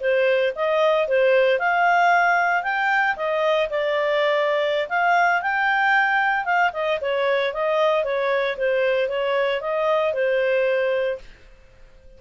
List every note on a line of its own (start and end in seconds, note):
0.00 0.53 C5
0.55 1.07 D#5
1.07 1.59 C5
1.59 2.63 F5
2.63 3.16 G5
3.16 3.69 D#5
3.70 4.88 D5
4.89 5.42 F5
5.42 6.44 G5
6.44 6.71 F5
6.73 6.99 D#5
7.01 7.53 C#5
7.53 8.04 D#5
8.04 8.56 C#5
8.57 9.08 C5
9.08 9.61 C#5
9.61 10.13 D#5
10.13 11.18 C5